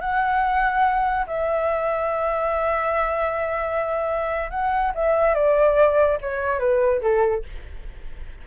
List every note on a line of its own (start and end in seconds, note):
0.00 1.26 F#5
1.26 4.50 E5
4.50 4.92 F#5
4.95 5.34 E5
5.34 6.18 D5
6.21 6.59 C#5
6.59 7.01 B4
7.01 7.43 A4